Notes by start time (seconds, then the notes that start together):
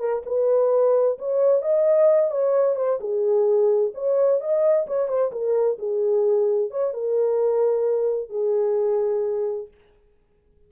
0.00 A#4
0.26 B4
1.19 C#5
1.62 D#5
2.32 C#5
2.76 C5
3.00 G#4
3.95 C#5
4.41 D#5
4.87 C#5
5.09 C5
5.32 A#4
5.79 G#4
6.71 C#5
6.94 A#4
8.30 G#4